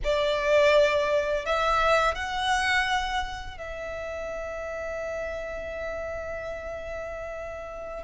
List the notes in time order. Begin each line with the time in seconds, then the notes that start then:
0.04 D5
1.45 E5
2.14 F#5
3.57 E5